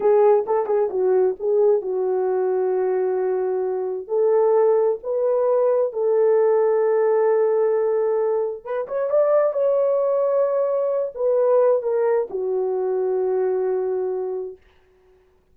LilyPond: \new Staff \with { instrumentName = "horn" } { \time 4/4 \tempo 4 = 132 gis'4 a'8 gis'8 fis'4 gis'4 | fis'1~ | fis'4 a'2 b'4~ | b'4 a'2.~ |
a'2. b'8 cis''8 | d''4 cis''2.~ | cis''8 b'4. ais'4 fis'4~ | fis'1 | }